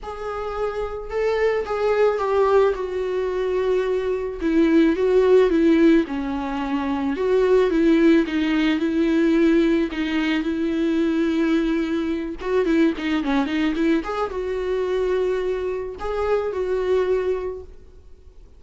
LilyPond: \new Staff \with { instrumentName = "viola" } { \time 4/4 \tempo 4 = 109 gis'2 a'4 gis'4 | g'4 fis'2. | e'4 fis'4 e'4 cis'4~ | cis'4 fis'4 e'4 dis'4 |
e'2 dis'4 e'4~ | e'2~ e'8 fis'8 e'8 dis'8 | cis'8 dis'8 e'8 gis'8 fis'2~ | fis'4 gis'4 fis'2 | }